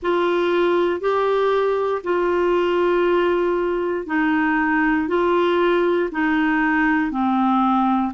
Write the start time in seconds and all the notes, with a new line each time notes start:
0.02 F4
1.00 G4
2.03 F4
4.06 D#4
5.08 F4
6.11 D#4
7.11 C4